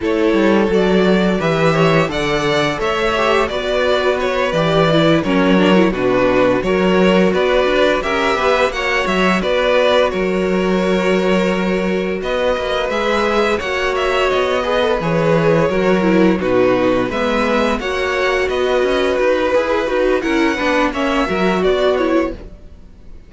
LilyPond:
<<
  \new Staff \with { instrumentName = "violin" } { \time 4/4 \tempo 4 = 86 cis''4 d''4 e''4 fis''4 | e''4 d''4 cis''8 d''4 cis''8~ | cis''8 b'4 cis''4 d''4 e''8~ | e''8 fis''8 e''8 d''4 cis''4.~ |
cis''4. dis''4 e''4 fis''8 | e''8 dis''4 cis''2 b'8~ | b'8 e''4 fis''4 dis''4 b'8~ | b'4 fis''4 e''4 d''8 cis''8 | }
  \new Staff \with { instrumentName = "violin" } { \time 4/4 a'2 b'8 cis''8 d''4 | cis''4 b'2~ b'8 ais'8~ | ais'8 fis'4 ais'4 b'4 ais'8 | b'8 cis''4 b'4 ais'4.~ |
ais'4. b'2 cis''8~ | cis''4 b'4. ais'4 fis'8~ | fis'8 b'4 cis''4 b'4.~ | b'4 ais'8 b'8 cis''8 ais'8 fis'4 | }
  \new Staff \with { instrumentName = "viola" } { \time 4/4 e'4 fis'4 g'4 a'4~ | a'8 g'8 fis'4. g'8 e'8 cis'8 | d'16 e'16 d'4 fis'2 g'8~ | g'8 fis'2.~ fis'8~ |
fis'2~ fis'8 gis'4 fis'8~ | fis'4 gis'16 a'16 gis'4 fis'8 e'8 dis'8~ | dis'8 b4 fis'2~ fis'8 | gis'8 fis'8 e'8 d'8 cis'8 fis'4 e'8 | }
  \new Staff \with { instrumentName = "cello" } { \time 4/4 a8 g8 fis4 e4 d4 | a4 b4. e4 fis8~ | fis8 b,4 fis4 b8 d'8 cis'8 | b8 ais8 fis8 b4 fis4.~ |
fis4. b8 ais8 gis4 ais8~ | ais8 b4 e4 fis4 b,8~ | b,8 gis4 ais4 b8 cis'8 dis'8 | e'8 dis'8 cis'8 b8 ais8 fis8 b4 | }
>>